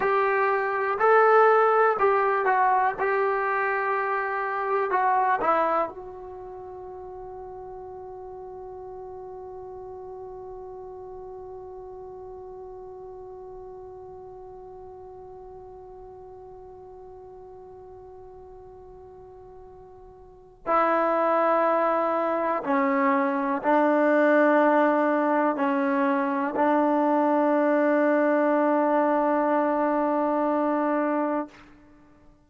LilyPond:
\new Staff \with { instrumentName = "trombone" } { \time 4/4 \tempo 4 = 61 g'4 a'4 g'8 fis'8 g'4~ | g'4 fis'8 e'8 fis'2~ | fis'1~ | fis'1~ |
fis'1~ | fis'4 e'2 cis'4 | d'2 cis'4 d'4~ | d'1 | }